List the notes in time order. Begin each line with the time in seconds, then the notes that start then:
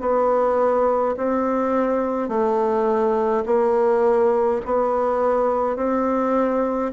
0.00 B3
1.17 C4
2.29 A3
3.46 A#3
4.66 B3
5.76 C4